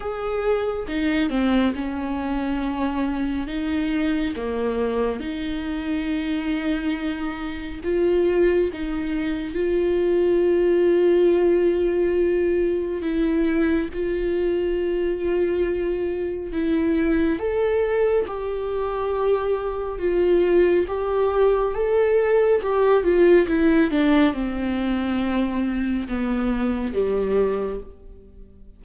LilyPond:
\new Staff \with { instrumentName = "viola" } { \time 4/4 \tempo 4 = 69 gis'4 dis'8 c'8 cis'2 | dis'4 ais4 dis'2~ | dis'4 f'4 dis'4 f'4~ | f'2. e'4 |
f'2. e'4 | a'4 g'2 f'4 | g'4 a'4 g'8 f'8 e'8 d'8 | c'2 b4 g4 | }